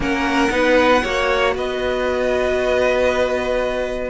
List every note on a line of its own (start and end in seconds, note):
0.00 0.49 A#3
0.00 0.50 C#4
0.00 0.51 A#4
0.00 1.56 F#5
0.50 1.03 B3
0.50 1.02 D#4
0.50 1.02 B4
1.02 1.55 A#3
1.02 4.10 F#4
1.02 1.54 C#5
1.55 4.10 B3
1.55 4.10 B4
1.55 4.10 D#5